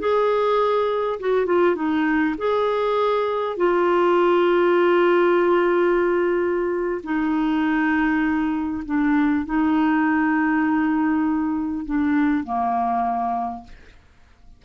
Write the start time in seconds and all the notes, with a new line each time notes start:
0.00 G#4
1.20 F#4
1.46 F4
1.76 D#4
2.38 G#4
3.57 F4
7.04 D#4
8.86 D4
9.46 D#4
11.86 D4
12.44 A#3